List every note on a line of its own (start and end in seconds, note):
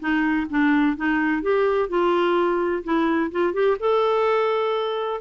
0.00 0.47 D#4
0.50 0.97 D4
0.97 1.42 D#4
1.42 1.89 G4
1.89 2.84 F4
2.84 3.31 E4
3.32 3.54 F4
3.54 3.77 G4
3.80 5.22 A4